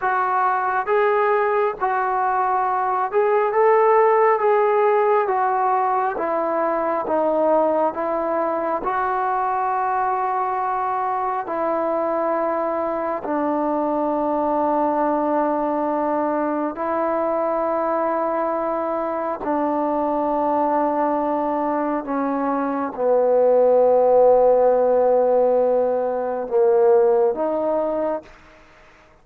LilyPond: \new Staff \with { instrumentName = "trombone" } { \time 4/4 \tempo 4 = 68 fis'4 gis'4 fis'4. gis'8 | a'4 gis'4 fis'4 e'4 | dis'4 e'4 fis'2~ | fis'4 e'2 d'4~ |
d'2. e'4~ | e'2 d'2~ | d'4 cis'4 b2~ | b2 ais4 dis'4 | }